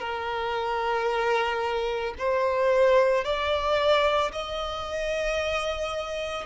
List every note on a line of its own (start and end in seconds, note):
0.00 2.14 A#4
2.19 3.24 C5
3.24 4.31 D5
4.32 6.46 D#5